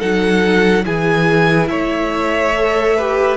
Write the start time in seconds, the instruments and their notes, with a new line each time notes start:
0.00 cello F#3, viola D#4, violin A4 F#5
0.84 cello E3, viola E4, violin G#4 G#5
1.68 cello A3, violin C#5 E5
2.57 viola A4
2.97 viola G4, violin B4